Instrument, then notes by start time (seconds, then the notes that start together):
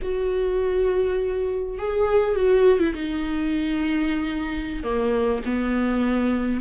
viola
0.02 F#4
1.78 G#4
2.35 F#4
2.79 E4
2.94 D#4
4.83 A#3
5.45 B3